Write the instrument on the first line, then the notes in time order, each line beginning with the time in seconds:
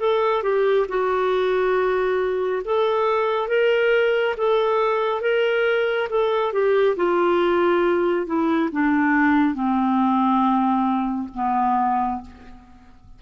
clarinet
0.00 A4
0.43 G4
0.89 F#4
2.65 A4
3.49 A#4
4.38 A4
5.22 A#4
6.10 A4
6.53 G4
6.97 F4
8.26 E4
8.72 D4
9.55 C4
11.35 B3